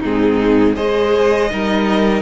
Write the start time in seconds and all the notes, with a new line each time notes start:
0.00 G#2 C4 D#4 G#4
0.75 G#3 G#4 C5 D#5
1.49 G3 D#4 A#4